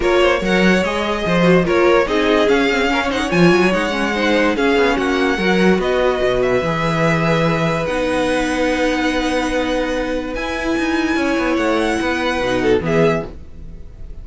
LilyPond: <<
  \new Staff \with { instrumentName = "violin" } { \time 4/4 \tempo 4 = 145 cis''4 fis''4 dis''2 | cis''4 dis''4 f''4. fis''8 | gis''4 fis''2 f''4 | fis''2 dis''4. e''8~ |
e''2. fis''4~ | fis''1~ | fis''4 gis''2. | fis''2. e''4 | }
  \new Staff \with { instrumentName = "violin" } { \time 4/4 ais'8 c''8 cis''2 c''4 | ais'4 gis'2 ais'16 cis''16 c''16 cis''16~ | cis''2 c''4 gis'4 | fis'4 ais'4 b'2~ |
b'1~ | b'1~ | b'2. cis''4~ | cis''4 b'4. a'8 gis'4 | }
  \new Staff \with { instrumentName = "viola" } { \time 4/4 f'4 ais'4 gis'4. fis'8 | f'4 dis'4 cis'8 c'8 cis'8 dis'8 | f'4 dis'8 cis'8 dis'4 cis'4~ | cis'4 fis'2. |
gis'2. dis'4~ | dis'1~ | dis'4 e'2.~ | e'2 dis'4 b4 | }
  \new Staff \with { instrumentName = "cello" } { \time 4/4 ais4 fis4 gis4 f4 | ais4 c'4 cis'2 | f8 fis8 gis2 cis'8 b8 | ais4 fis4 b4 b,4 |
e2. b4~ | b1~ | b4 e'4 dis'4 cis'8 b8 | a4 b4 b,4 e4 | }
>>